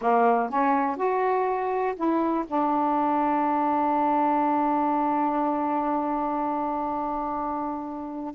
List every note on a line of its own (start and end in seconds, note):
0.01 0.49 A#3
0.49 0.96 C#4
0.96 1.94 F#4
1.95 2.45 E4
2.47 8.34 D4